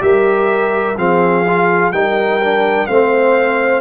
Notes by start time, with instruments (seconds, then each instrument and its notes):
0.00 tuba G3, trombone G4, horn A#4, trumpet E5
0.97 tuba F3, trombone C4, horn G#4, trumpet F5
1.47 trombone F4
1.92 tuba G3, trombone D#4, horn A#4, trumpet G5
2.42 trombone D4
2.87 tuba A3, trombone C4, horn C5, trumpet F5